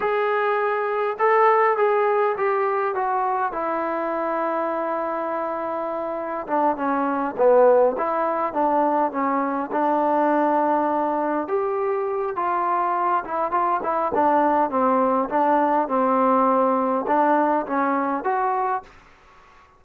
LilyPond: \new Staff \with { instrumentName = "trombone" } { \time 4/4 \tempo 4 = 102 gis'2 a'4 gis'4 | g'4 fis'4 e'2~ | e'2. d'8 cis'8~ | cis'8 b4 e'4 d'4 cis'8~ |
cis'8 d'2. g'8~ | g'4 f'4. e'8 f'8 e'8 | d'4 c'4 d'4 c'4~ | c'4 d'4 cis'4 fis'4 | }